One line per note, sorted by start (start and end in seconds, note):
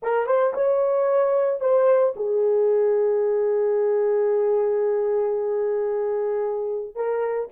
0.02 0.26 A#4
0.26 0.53 C5
0.54 1.60 C#5
1.60 2.14 C5
2.16 6.95 G#4
6.95 7.48 A#4